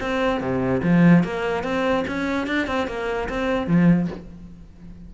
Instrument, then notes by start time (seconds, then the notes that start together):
cello
0.00 C4
0.40 C3
0.83 F3
1.23 A#3
1.63 C4
2.07 C#4
2.47 D4
2.67 C4
2.87 A#3
3.29 C4
3.66 F3